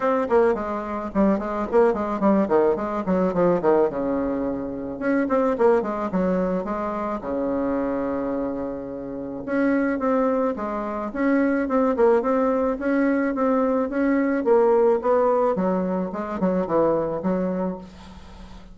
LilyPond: \new Staff \with { instrumentName = "bassoon" } { \time 4/4 \tempo 4 = 108 c'8 ais8 gis4 g8 gis8 ais8 gis8 | g8 dis8 gis8 fis8 f8 dis8 cis4~ | cis4 cis'8 c'8 ais8 gis8 fis4 | gis4 cis2.~ |
cis4 cis'4 c'4 gis4 | cis'4 c'8 ais8 c'4 cis'4 | c'4 cis'4 ais4 b4 | fis4 gis8 fis8 e4 fis4 | }